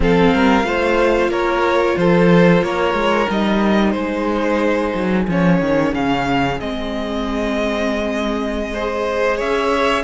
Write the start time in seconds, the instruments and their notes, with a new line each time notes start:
0.00 cello F3, viola C4, violin A4 F5
0.33 cello G3, violin A#4
0.63 cello A3, viola F4, violin C5
1.29 cello A#3, violin A#4 C#5
1.97 cello F3, violin A4 C5
2.62 cello A#3, violin A#4 C#5
2.93 cello G#3
3.29 cello G3, viola D#4, violin D#5
3.91 cello G#3, violin G#4 C5
4.94 cello F#3
5.27 cello F3, viola C#4, violin C#5
5.60 cello D#3
5.94 cello C#3, violin F5
6.59 cello G#3, viola C4, violin D#5
8.73 viola G#4, violin C5
9.37 cello C#4, violin C#5 E5